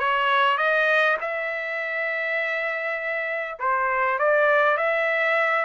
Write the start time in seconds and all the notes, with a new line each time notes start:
0.00 C#5
0.58 D#5
1.21 E5
3.60 C5
4.19 D5
4.77 E5